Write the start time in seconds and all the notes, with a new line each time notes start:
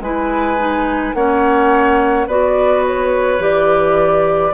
0.00 G#3 E4 B4 G#5
0.58 D#4
1.14 A#3 C#4 C#5 F#5
2.27 B3 F#4 B4 D5
2.86 C#5
3.39 E3 G4 D5